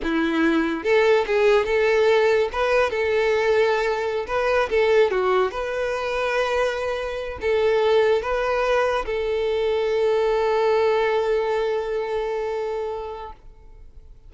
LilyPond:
\new Staff \with { instrumentName = "violin" } { \time 4/4 \tempo 4 = 144 e'2 a'4 gis'4 | a'2 b'4 a'4~ | a'2~ a'16 b'4 a'8.~ | a'16 fis'4 b'2~ b'8.~ |
b'4.~ b'16 a'2 b'16~ | b'4.~ b'16 a'2~ a'16~ | a'1~ | a'1 | }